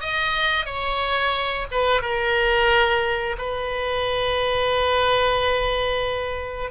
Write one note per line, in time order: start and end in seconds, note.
0.00 0.65 D#5
0.65 1.66 C#5
1.71 2.02 B4
2.02 3.36 A#4
3.38 6.71 B4